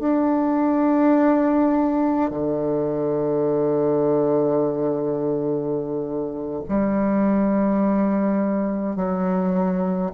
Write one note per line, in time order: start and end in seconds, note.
0.00 2.31 D4
2.31 6.63 D3
6.68 8.96 G3
8.96 10.12 F#3